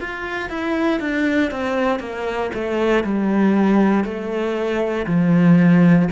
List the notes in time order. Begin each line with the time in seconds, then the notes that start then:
0.00 F4
0.49 E4
1.00 D4
1.51 C4
1.99 A#3
2.54 A3
3.03 G3
4.04 A3
5.07 F3